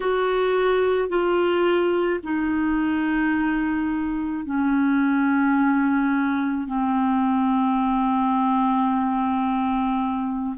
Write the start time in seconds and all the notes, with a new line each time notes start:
0.00 F#4
1.09 F4
2.23 D#4
4.44 C#4
6.67 C4